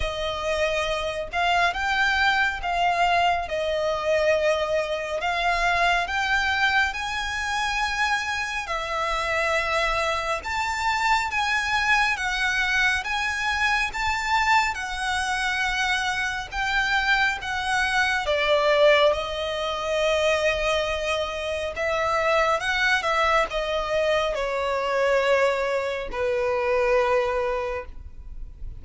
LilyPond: \new Staff \with { instrumentName = "violin" } { \time 4/4 \tempo 4 = 69 dis''4. f''8 g''4 f''4 | dis''2 f''4 g''4 | gis''2 e''2 | a''4 gis''4 fis''4 gis''4 |
a''4 fis''2 g''4 | fis''4 d''4 dis''2~ | dis''4 e''4 fis''8 e''8 dis''4 | cis''2 b'2 | }